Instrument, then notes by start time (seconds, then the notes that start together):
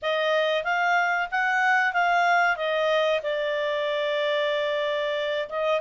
clarinet
0.02 D#5
0.64 F5
1.31 F#5
1.93 F5
2.56 D#5
3.23 D5
5.49 D#5